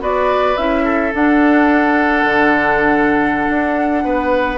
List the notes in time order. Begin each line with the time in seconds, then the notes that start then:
0.00 B3 F#4 B4 D5
0.57 C#4 E4 E5
0.84 A4
1.12 D4 F#5
2.24 D3
3.49 D4
4.04 B3 B4